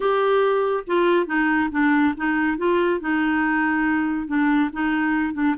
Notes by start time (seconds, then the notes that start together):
0.00 G4
0.86 F4
1.26 D#4
1.71 D4
2.16 D#4
2.57 F4
3.00 D#4
4.27 D4
4.72 D#4
5.33 D4